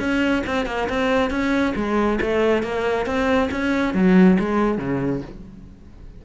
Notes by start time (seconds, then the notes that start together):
0.00 C#4
0.47 C4
0.67 A#3
0.90 C4
1.31 C#4
1.76 G#3
2.22 A3
2.63 A#3
3.06 C4
3.52 C#4
3.94 F#3
4.40 G#3
4.78 C#3